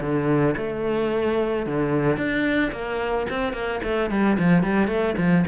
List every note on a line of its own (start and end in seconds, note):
0.00 0.55 D3
0.57 1.66 A3
1.66 2.16 D3
2.16 2.71 D4
2.71 3.26 A#3
3.29 3.53 C4
3.53 3.80 A#3
3.83 4.10 A3
4.10 4.37 G3
4.38 4.63 F3
4.63 4.87 G3
4.87 5.14 A3
5.17 5.44 F3